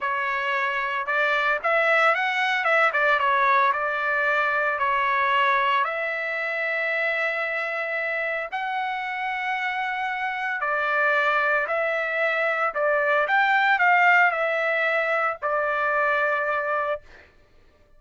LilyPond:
\new Staff \with { instrumentName = "trumpet" } { \time 4/4 \tempo 4 = 113 cis''2 d''4 e''4 | fis''4 e''8 d''8 cis''4 d''4~ | d''4 cis''2 e''4~ | e''1 |
fis''1 | d''2 e''2 | d''4 g''4 f''4 e''4~ | e''4 d''2. | }